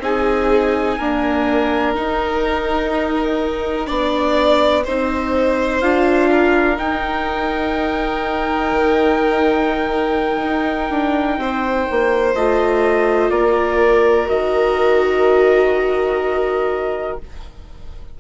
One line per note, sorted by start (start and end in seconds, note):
0.00 0.97 C4
0.00 0.99 D#4
0.00 0.98 G#4
0.00 1.94 G#5
0.98 1.95 A#3
0.98 1.97 D4
0.98 3.87 A#4
1.94 3.87 D#4
1.94 3.90 D#4
1.94 5.81 G5
3.87 4.86 B3
3.87 4.83 D4
3.87 4.84 D5
4.84 5.82 C4
4.84 5.83 D#4
4.84 6.30 C5
5.81 6.79 D4
5.81 6.76 F4
5.81 6.78 F5
6.31 11.39 A#4
6.76 12.33 D#4
6.76 8.72 D#4
6.76 12.35 G5
8.72 10.41 D#3
10.42 10.90 D#4
10.90 11.38 D4
11.38 11.87 C4
11.38 13.31 C5
11.91 12.35 A#3
12.35 13.31 A3
12.35 14.26 F4
12.35 13.30 D#5
13.30 14.27 A#3
13.30 17.18 A#4
13.30 14.27 D5
14.26 17.20 D#3
14.26 17.17 F#4
14.26 17.19 D#5